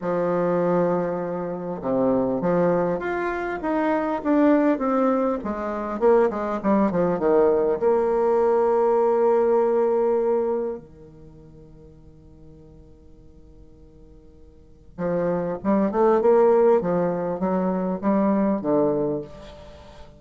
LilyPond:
\new Staff \with { instrumentName = "bassoon" } { \time 4/4 \tempo 4 = 100 f2. c4 | f4 f'4 dis'4 d'4 | c'4 gis4 ais8 gis8 g8 f8 | dis4 ais2.~ |
ais2 dis2~ | dis1~ | dis4 f4 g8 a8 ais4 | f4 fis4 g4 d4 | }